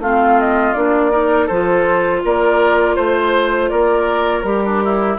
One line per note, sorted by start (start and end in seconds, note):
0.00 0.74 A3
0.00 0.76 C4
0.00 1.12 F4
0.00 0.40 F5
0.40 0.74 D#5
0.74 1.50 A#3
0.74 1.12 D4
0.74 1.48 D5
1.12 1.49 D#4
1.12 1.47 A#4
1.47 2.24 F3
1.47 4.45 F4
1.47 2.21 A4
1.47 2.23 C5
2.25 2.97 A#3
2.25 2.96 A#4
2.25 2.96 D5
2.96 3.71 A3
2.96 3.69 C5
2.96 3.70 C5
3.69 4.44 A#3
3.69 4.64 A#4
3.69 4.43 D5
4.43 5.18 G3
4.43 5.19 G4
4.43 5.17 A#4
4.65 4.83 D4
4.85 5.19 E4